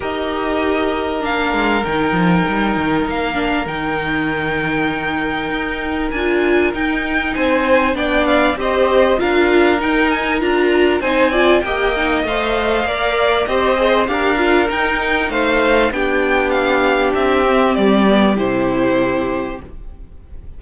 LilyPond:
<<
  \new Staff \with { instrumentName = "violin" } { \time 4/4 \tempo 4 = 98 dis''2 f''4 g''4~ | g''4 f''4 g''2~ | g''2 gis''4 g''4 | gis''4 g''8 f''8 dis''4 f''4 |
g''8 gis''8 ais''4 gis''4 g''4 | f''2 dis''4 f''4 | g''4 f''4 g''4 f''4 | e''4 d''4 c''2 | }
  \new Staff \with { instrumentName = "violin" } { \time 4/4 ais'1~ | ais'1~ | ais'1 | c''4 d''4 c''4 ais'4~ |
ais'2 c''8 d''8 dis''4~ | dis''4 d''4 c''4 ais'4~ | ais'4 c''4 g'2~ | g'1 | }
  \new Staff \with { instrumentName = "viola" } { \time 4/4 g'2 d'4 dis'4~ | dis'4. d'8 dis'2~ | dis'2 f'4 dis'4~ | dis'4 d'4 g'4 f'4 |
dis'4 f'4 dis'8 f'8 g'8 dis'8 | c''4 ais'4 g'8 gis'8 g'8 f'8 | dis'2 d'2~ | d'8 c'4 b8 e'2 | }
  \new Staff \with { instrumentName = "cello" } { \time 4/4 dis'2 ais8 gis8 dis8 f8 | g8 dis8 ais4 dis2~ | dis4 dis'4 d'4 dis'4 | c'4 b4 c'4 d'4 |
dis'4 d'4 c'4 ais4 | a4 ais4 c'4 d'4 | dis'4 a4 b2 | c'4 g4 c2 | }
>>